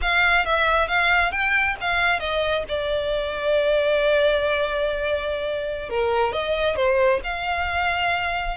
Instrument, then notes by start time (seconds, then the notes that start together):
violin
0.01 F5
0.45 E5
0.88 F5
1.31 G5
1.81 F5
2.19 D#5
2.68 D5
5.89 A#4
6.32 D#5
6.76 C5
7.23 F5